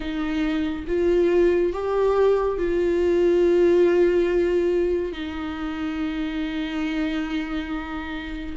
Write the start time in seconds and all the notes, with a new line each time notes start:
0.00 D#4
0.86 F4
1.73 G4
2.58 F4
5.12 D#4